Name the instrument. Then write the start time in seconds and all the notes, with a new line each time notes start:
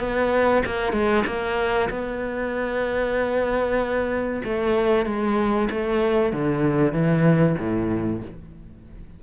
cello
0.00 B3
0.66 A#3
0.93 G#3
1.26 A#3
1.90 B3
4.44 A3
5.06 G#3
5.71 A3
6.33 D3
6.93 E3
7.59 A2